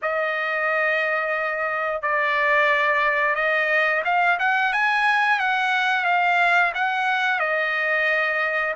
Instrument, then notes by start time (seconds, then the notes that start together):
trumpet
0.02 D#5
2.02 D5
3.35 D#5
4.04 F5
4.39 F#5
4.73 G#5
5.39 F#5
6.05 F5
6.74 F#5
7.39 D#5